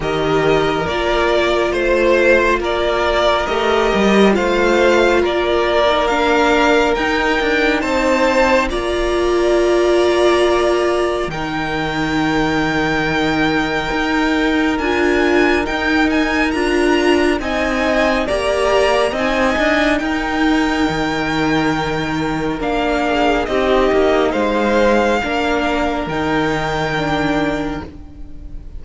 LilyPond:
<<
  \new Staff \with { instrumentName = "violin" } { \time 4/4 \tempo 4 = 69 dis''4 d''4 c''4 d''4 | dis''4 f''4 d''4 f''4 | g''4 a''4 ais''2~ | ais''4 g''2.~ |
g''4 gis''4 g''8 gis''8 ais''4 | gis''4 ais''4 gis''4 g''4~ | g''2 f''4 dis''4 | f''2 g''2 | }
  \new Staff \with { instrumentName = "violin" } { \time 4/4 ais'2 c''4 ais'4~ | ais'4 c''4 ais'2~ | ais'4 c''4 d''2~ | d''4 ais'2.~ |
ais'1 | dis''4 d''4 dis''4 ais'4~ | ais'2~ ais'8 gis'8 g'4 | c''4 ais'2. | }
  \new Staff \with { instrumentName = "viola" } { \time 4/4 g'4 f'2. | g'4 f'4.~ f'16 dis'16 d'4 | dis'2 f'2~ | f'4 dis'2.~ |
dis'4 f'4 dis'4 f'4 | dis'4 g'4 dis'2~ | dis'2 d'4 dis'4~ | dis'4 d'4 dis'4 d'4 | }
  \new Staff \with { instrumentName = "cello" } { \time 4/4 dis4 ais4 a4 ais4 | a8 g8 a4 ais2 | dis'8 d'8 c'4 ais2~ | ais4 dis2. |
dis'4 d'4 dis'4 d'4 | c'4 ais4 c'8 d'8 dis'4 | dis2 ais4 c'8 ais8 | gis4 ais4 dis2 | }
>>